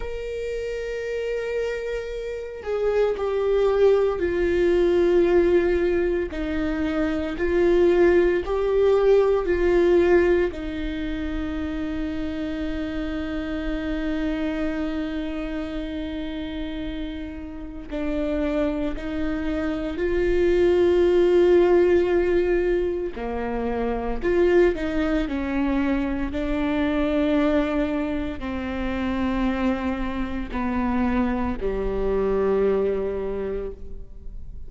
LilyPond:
\new Staff \with { instrumentName = "viola" } { \time 4/4 \tempo 4 = 57 ais'2~ ais'8 gis'8 g'4 | f'2 dis'4 f'4 | g'4 f'4 dis'2~ | dis'1~ |
dis'4 d'4 dis'4 f'4~ | f'2 ais4 f'8 dis'8 | cis'4 d'2 c'4~ | c'4 b4 g2 | }